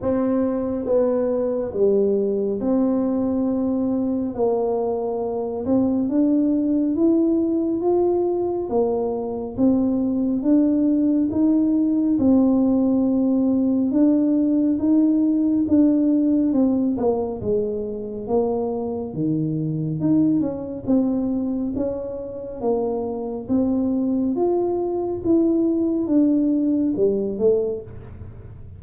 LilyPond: \new Staff \with { instrumentName = "tuba" } { \time 4/4 \tempo 4 = 69 c'4 b4 g4 c'4~ | c'4 ais4. c'8 d'4 | e'4 f'4 ais4 c'4 | d'4 dis'4 c'2 |
d'4 dis'4 d'4 c'8 ais8 | gis4 ais4 dis4 dis'8 cis'8 | c'4 cis'4 ais4 c'4 | f'4 e'4 d'4 g8 a8 | }